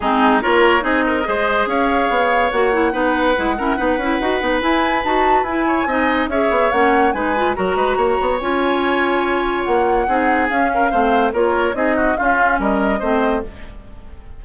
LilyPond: <<
  \new Staff \with { instrumentName = "flute" } { \time 4/4 \tempo 4 = 143 gis'4 cis''4 dis''2 | f''2 fis''2~ | fis''2. gis''4 | a''4 gis''2 e''4 |
fis''4 gis''4 ais''2 | gis''2. fis''4~ | fis''4 f''2 cis''4 | dis''4 f''4 dis''2 | }
  \new Staff \with { instrumentName = "oboe" } { \time 4/4 dis'4 ais'4 gis'8 ais'8 c''4 | cis''2. b'4~ | b'8 ais'8 b'2.~ | b'4. cis''8 dis''4 cis''4~ |
cis''4 b'4 ais'8 b'8 cis''4~ | cis''1 | gis'4. ais'8 c''4 ais'4 | gis'8 fis'8 f'4 ais'4 c''4 | }
  \new Staff \with { instrumentName = "clarinet" } { \time 4/4 c'4 f'4 dis'4 gis'4~ | gis'2 fis'8 e'8 dis'4 | e'8 cis'8 dis'8 e'8 fis'8 dis'8 e'4 | fis'4 e'4 dis'4 gis'4 |
cis'4 dis'8 f'8 fis'2 | f'1 | dis'4 cis'4 c'4 f'4 | dis'4 cis'2 c'4 | }
  \new Staff \with { instrumentName = "bassoon" } { \time 4/4 gis4 ais4 c'4 gis4 | cis'4 b4 ais4 b4 | gis8 e'8 b8 cis'8 dis'8 b8 e'4 | dis'4 e'4 c'4 cis'8 b8 |
ais4 gis4 fis8 gis8 ais8 b8 | cis'2. ais4 | c'4 cis'4 a4 ais4 | c'4 cis'4 g4 a4 | }
>>